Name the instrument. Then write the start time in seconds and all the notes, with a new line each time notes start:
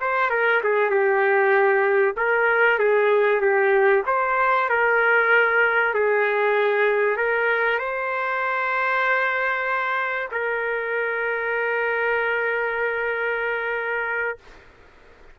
trumpet
0.00 C5
0.30 A#4
0.63 G#4
0.89 G4
2.16 A#4
2.78 G#4
3.41 G4
4.06 C5
4.69 A#4
5.93 G#4
7.16 A#4
7.78 C5
10.31 A#4